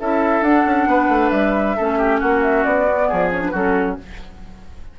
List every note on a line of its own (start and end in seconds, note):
0.00 0.42 C#4
0.00 0.44 E4
0.00 0.89 A4
0.00 0.43 E5
0.42 0.64 D4
0.42 1.77 D4
0.42 1.30 F#5
0.66 0.87 C#4
0.87 1.09 B3
0.87 1.77 B4
1.09 1.31 A3
1.30 1.76 G3
1.30 2.19 E5
1.77 2.22 A3
1.77 2.88 C#4
1.77 1.98 A4
1.98 2.20 G4
2.20 2.65 A#3
2.20 3.08 F#4
2.20 2.42 F#5
2.42 2.64 E5
2.64 3.10 B3
2.64 3.31 D5
2.88 3.32 B3
3.08 3.54 F3
3.08 3.51 G#4
3.32 3.41 C#4
3.32 3.44 C#5
3.41 3.52 D4
3.41 3.55 B4
3.51 3.98 F#3
3.51 3.98 C#4
3.51 3.96 F#4
3.51 3.99 A4